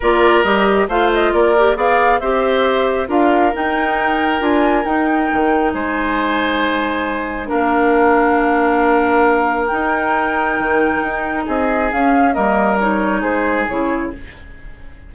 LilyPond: <<
  \new Staff \with { instrumentName = "flute" } { \time 4/4 \tempo 4 = 136 d''4 dis''4 f''8 dis''8 d''4 | f''4 e''2 f''4 | g''2 gis''4 g''4~ | g''4 gis''2.~ |
gis''4 f''2.~ | f''2 g''2~ | g''2 dis''4 f''4 | dis''4 cis''4 c''4 cis''4 | }
  \new Staff \with { instrumentName = "oboe" } { \time 4/4 ais'2 c''4 ais'4 | d''4 c''2 ais'4~ | ais'1~ | ais'4 c''2.~ |
c''4 ais'2.~ | ais'1~ | ais'2 gis'2 | ais'2 gis'2 | }
  \new Staff \with { instrumentName = "clarinet" } { \time 4/4 f'4 g'4 f'4. g'8 | gis'4 g'2 f'4 | dis'2 f'4 dis'4~ | dis'1~ |
dis'4 d'2.~ | d'2 dis'2~ | dis'2. cis'4 | ais4 dis'2 e'4 | }
  \new Staff \with { instrumentName = "bassoon" } { \time 4/4 ais4 g4 a4 ais4 | b4 c'2 d'4 | dis'2 d'4 dis'4 | dis4 gis2.~ |
gis4 ais2.~ | ais2 dis'2 | dis4 dis'4 c'4 cis'4 | g2 gis4 cis4 | }
>>